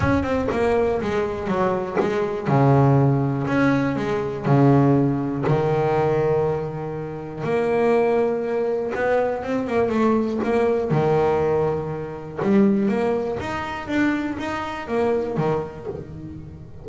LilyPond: \new Staff \with { instrumentName = "double bass" } { \time 4/4 \tempo 4 = 121 cis'8 c'8 ais4 gis4 fis4 | gis4 cis2 cis'4 | gis4 cis2 dis4~ | dis2. ais4~ |
ais2 b4 c'8 ais8 | a4 ais4 dis2~ | dis4 g4 ais4 dis'4 | d'4 dis'4 ais4 dis4 | }